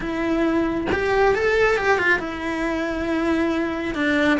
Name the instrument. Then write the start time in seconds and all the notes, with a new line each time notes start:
cello
0.00 E4
0.92 G4
1.34 A4
1.77 G4
1.98 F4
2.19 E4
3.94 D4